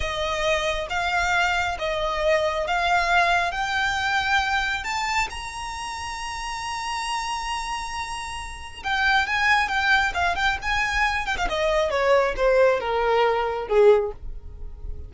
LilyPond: \new Staff \with { instrumentName = "violin" } { \time 4/4 \tempo 4 = 136 dis''2 f''2 | dis''2 f''2 | g''2. a''4 | ais''1~ |
ais''1 | g''4 gis''4 g''4 f''8 g''8 | gis''4. g''16 f''16 dis''4 cis''4 | c''4 ais'2 gis'4 | }